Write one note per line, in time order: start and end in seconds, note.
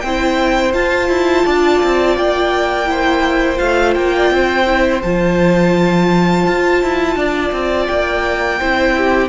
0.00 0.73 C4
0.00 0.74 E4
0.00 1.45 C5
0.00 0.71 G5
0.73 1.09 F4
0.73 2.86 F4
0.73 2.16 A5
1.09 1.44 E4
1.45 1.82 D4
1.45 2.88 D5
1.83 2.17 C4
2.17 3.60 A#3
2.17 3.58 G5
2.86 3.56 E4
2.86 4.15 C5
3.56 3.95 A3
3.56 4.64 F4
3.56 3.94 F5
3.94 4.30 A#3
3.94 5.01 G5
4.16 4.34 D5
4.30 5.02 C4
4.30 7.16 C5
4.65 5.01 E4
5.02 6.46 F3
5.02 8.61 F4
5.02 7.86 A5
6.47 6.83 F4
6.83 7.15 E4
7.15 7.51 D4
7.15 8.59 D5
7.52 7.87 C4
7.86 8.60 A#3
7.86 9.29 G5
8.59 9.29 C4
8.59 9.29 E4
8.59 8.94 C5
8.97 9.29 G4